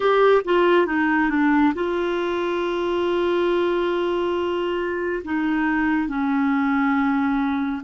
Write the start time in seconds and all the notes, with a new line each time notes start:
0.00 G4
0.45 F4
0.86 D#4
1.29 D4
1.74 F4
5.24 D#4
6.08 C#4